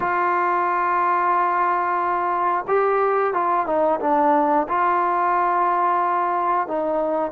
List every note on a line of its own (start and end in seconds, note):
0.00 2.65 F4
2.67 3.33 G4
3.33 3.66 F4
3.66 3.99 D#4
4.00 4.67 D4
4.68 6.67 F4
6.67 7.32 D#4